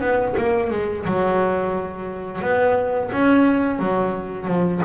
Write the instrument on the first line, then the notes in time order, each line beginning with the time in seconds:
double bass
0.00 B3
0.37 A#3
0.70 G#3
1.05 F#3
2.41 B3
3.12 C#4
3.79 F#3
4.47 F3